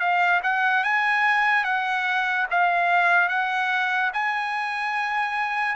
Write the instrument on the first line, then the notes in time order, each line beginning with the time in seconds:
trumpet
0.00 F5
0.43 F#5
0.84 G#5
1.65 F#5
2.51 F5
3.29 F#5
4.14 G#5